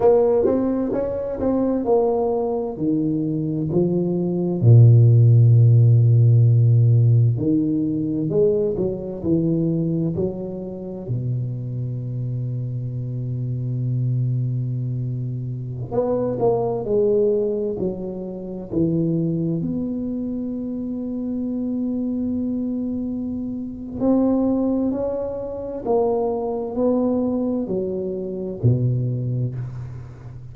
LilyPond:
\new Staff \with { instrumentName = "tuba" } { \time 4/4 \tempo 4 = 65 ais8 c'8 cis'8 c'8 ais4 dis4 | f4 ais,2. | dis4 gis8 fis8 e4 fis4 | b,1~ |
b,4~ b,16 b8 ais8 gis4 fis8.~ | fis16 e4 b2~ b8.~ | b2 c'4 cis'4 | ais4 b4 fis4 b,4 | }